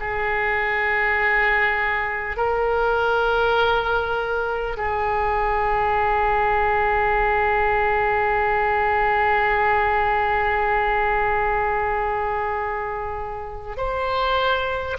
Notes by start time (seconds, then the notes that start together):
0.00 G#4
2.37 A#4
4.78 G#4
13.78 C5